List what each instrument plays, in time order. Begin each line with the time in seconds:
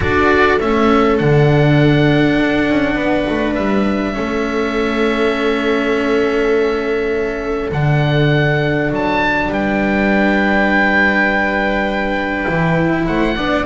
0.00 double bass D4, cello F#4, viola A4, oboe D5
0.60 double bass A3, cello C#4, oboe E5
1.18 double bass D3, cello D4, oboe F#5
2.39 double bass D4
2.68 double bass C#4
2.95 double bass B3, viola B4
3.28 double bass A3
3.54 double bass G3, oboe E5
4.13 double bass A3, cello C#4, viola A4
7.71 double bass D3, cello D4, oboe F#5
8.90 double bass F#3, oboe A5
9.48 double bass G3, viola B4, oboe G5
12.46 double bass E3, cello E4
13.06 double bass A3, viola C5, oboe F#5
13.36 double bass B3, cello D4, viola D5